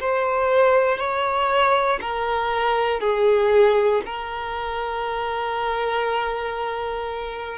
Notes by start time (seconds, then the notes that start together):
0.00 C5
0.98 C#5
2.01 A#4
3.00 G#4
4.05 A#4